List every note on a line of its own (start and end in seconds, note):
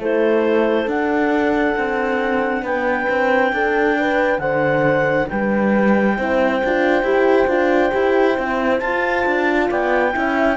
0.00 0.87 A3
0.00 0.88 E4
0.00 2.65 A4
0.00 0.90 C5
0.87 1.76 D4
0.87 6.18 D4
0.87 2.66 F#5
1.78 2.63 C4
2.63 3.07 B3
2.63 3.54 B4
2.63 4.39 G5
3.09 3.53 C4
3.53 4.39 D4
3.53 3.99 A4
4.00 4.41 B4
4.39 5.27 D3
4.39 5.29 C5
4.39 5.27 F#5
5.29 6.19 G3
5.29 6.17 B4
5.29 8.80 G5
6.17 6.63 C4
6.17 6.62 E4
6.17 9.69 C5
6.64 7.03 D4
6.64 7.04 F4
7.03 7.47 E4
7.03 7.48 G4
7.47 7.91 D4
7.47 7.92 F4
7.92 8.38 E4
7.92 8.36 G4
8.38 8.81 C4
8.38 8.83 E4
8.80 9.26 F4
8.80 10.13 F4
8.80 9.68 A5
9.26 9.70 D4
9.69 10.15 B3
9.69 10.13 D5
9.69 10.57 G5
10.13 10.57 C#4
10.13 10.57 E4
10.13 10.57 E5